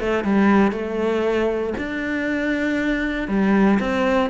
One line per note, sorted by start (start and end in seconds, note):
0.00 0.24 A3
0.24 0.72 G3
0.72 1.73 A3
1.78 3.28 D4
3.28 3.79 G3
3.80 4.30 C4